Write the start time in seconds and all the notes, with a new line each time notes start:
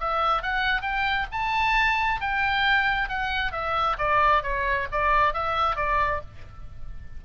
0.00 E5
0.43 F#5
0.82 G5
1.31 A5
2.21 G5
3.09 F#5
3.52 E5
3.98 D5
4.43 C#5
4.92 D5
5.34 E5
5.76 D5